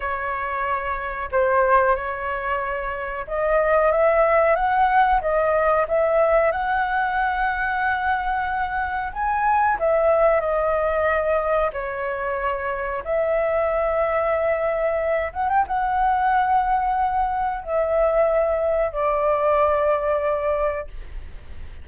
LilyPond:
\new Staff \with { instrumentName = "flute" } { \time 4/4 \tempo 4 = 92 cis''2 c''4 cis''4~ | cis''4 dis''4 e''4 fis''4 | dis''4 e''4 fis''2~ | fis''2 gis''4 e''4 |
dis''2 cis''2 | e''2.~ e''8 fis''16 g''16 | fis''2. e''4~ | e''4 d''2. | }